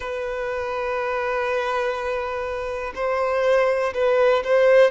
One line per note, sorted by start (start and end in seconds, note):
0.00 2.92 B4
2.95 3.93 C5
3.93 4.43 B4
4.44 4.90 C5